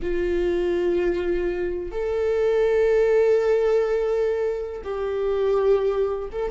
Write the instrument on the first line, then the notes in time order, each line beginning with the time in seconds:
viola
0.02 F4
1.91 A4
4.84 G4
6.32 A4